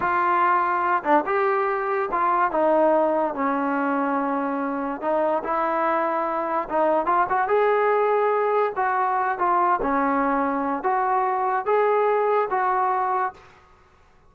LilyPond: \new Staff \with { instrumentName = "trombone" } { \time 4/4 \tempo 4 = 144 f'2~ f'8 d'8 g'4~ | g'4 f'4 dis'2 | cis'1 | dis'4 e'2. |
dis'4 f'8 fis'8 gis'2~ | gis'4 fis'4. f'4 cis'8~ | cis'2 fis'2 | gis'2 fis'2 | }